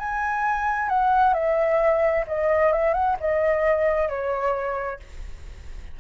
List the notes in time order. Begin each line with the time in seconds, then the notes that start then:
0.00 G#5
0.89 F#5
1.34 E5
2.28 D#5
2.73 E5
2.94 F#5
3.21 D#5
4.09 C#5